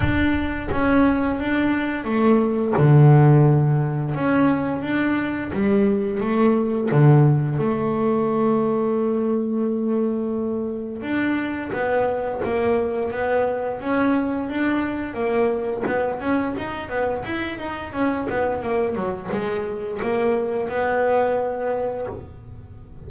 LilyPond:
\new Staff \with { instrumentName = "double bass" } { \time 4/4 \tempo 4 = 87 d'4 cis'4 d'4 a4 | d2 cis'4 d'4 | g4 a4 d4 a4~ | a1 |
d'4 b4 ais4 b4 | cis'4 d'4 ais4 b8 cis'8 | dis'8 b8 e'8 dis'8 cis'8 b8 ais8 fis8 | gis4 ais4 b2 | }